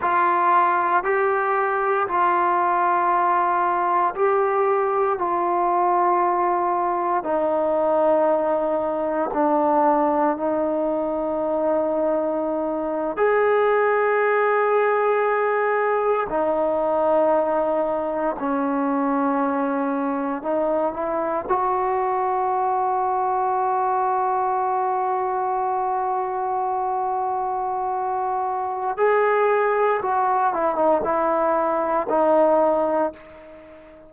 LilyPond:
\new Staff \with { instrumentName = "trombone" } { \time 4/4 \tempo 4 = 58 f'4 g'4 f'2 | g'4 f'2 dis'4~ | dis'4 d'4 dis'2~ | dis'8. gis'2. dis'16~ |
dis'4.~ dis'16 cis'2 dis'16~ | dis'16 e'8 fis'2.~ fis'16~ | fis'1 | gis'4 fis'8 e'16 dis'16 e'4 dis'4 | }